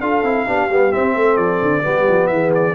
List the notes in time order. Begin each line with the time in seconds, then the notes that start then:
0.00 D4 F4 A4 F5
0.23 C4 E4
0.46 B3 D4 G4
0.69 G3 B3
0.91 C4 E5
1.14 A3 A4
1.36 F3 D5
1.62 D3
1.82 G3 B3 G4
2.08 F3
2.27 E3 G#4 E5
2.55 D5